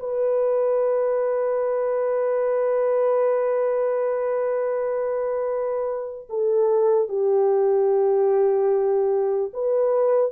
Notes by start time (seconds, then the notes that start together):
0.00 B4
6.30 A4
7.09 G4
9.54 B4